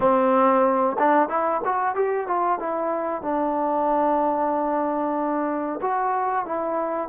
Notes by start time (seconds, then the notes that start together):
0.00 C4
0.98 D4
1.28 E4
1.64 F#4
1.95 G4
2.27 F4
2.59 E4
3.21 D4
5.81 F#4
6.45 E4